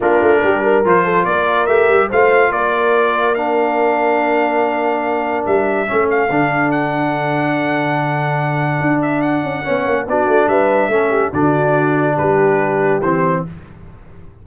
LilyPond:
<<
  \new Staff \with { instrumentName = "trumpet" } { \time 4/4 \tempo 4 = 143 ais'2 c''4 d''4 | e''4 f''4 d''2 | f''1~ | f''4 e''4. f''4. |
fis''1~ | fis''4. e''8 fis''2 | d''4 e''2 d''4~ | d''4 b'2 c''4 | }
  \new Staff \with { instrumentName = "horn" } { \time 4/4 f'4 g'8 ais'4 a'8 ais'4~ | ais'4 c''4 ais'2~ | ais'1~ | ais'2 a'2~ |
a'1~ | a'2. cis''4 | fis'4 b'4 a'8 g'8 fis'4~ | fis'4 g'2. | }
  \new Staff \with { instrumentName = "trombone" } { \time 4/4 d'2 f'2 | g'4 f'2. | d'1~ | d'2 cis'4 d'4~ |
d'1~ | d'2. cis'4 | d'2 cis'4 d'4~ | d'2. c'4 | }
  \new Staff \with { instrumentName = "tuba" } { \time 4/4 ais8 a8 g4 f4 ais4 | a8 g8 a4 ais2~ | ais1~ | ais4 g4 a4 d4~ |
d1~ | d4 d'4. cis'8 b8 ais8 | b8 a8 g4 a4 d4~ | d4 g2 e4 | }
>>